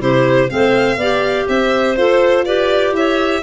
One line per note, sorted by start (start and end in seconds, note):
0.00 0.50 C3
0.00 0.48 E4
0.00 0.50 G4
0.00 0.50 C5
0.48 0.97 A3
0.48 0.97 C4
0.48 1.47 F5
0.55 0.98 C5
0.97 1.46 B3
0.97 1.97 G4
0.97 1.46 D5
1.48 1.97 C4
1.48 2.45 C5
1.48 1.96 E5
1.96 2.93 F4
1.96 2.46 A4
1.96 2.45 C5
2.45 3.42 G4
2.45 2.93 B4
2.45 2.94 D5
2.93 3.42 E4
2.93 3.42 C#5
2.93 3.42 E5